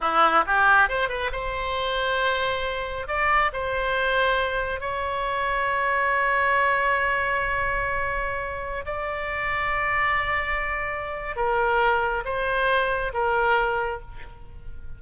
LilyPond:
\new Staff \with { instrumentName = "oboe" } { \time 4/4 \tempo 4 = 137 e'4 g'4 c''8 b'8 c''4~ | c''2. d''4 | c''2. cis''4~ | cis''1~ |
cis''1~ | cis''16 d''2.~ d''8.~ | d''2 ais'2 | c''2 ais'2 | }